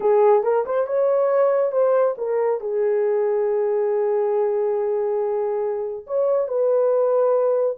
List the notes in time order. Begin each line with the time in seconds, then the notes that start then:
0.00 G#4
0.43 A#4
0.65 C5
0.86 C#5
1.71 C5
2.17 A#4
2.60 G#4
6.06 C#5
6.47 B4